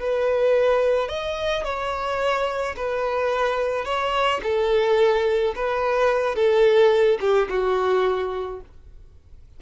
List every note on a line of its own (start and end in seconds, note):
0.00 1.09 B4
1.09 1.64 D#5
1.64 2.76 C#5
2.76 3.85 B4
3.85 4.41 C#5
4.43 5.54 A4
5.55 6.36 B4
6.36 7.19 A4
7.20 7.48 G4
7.50 8.61 F#4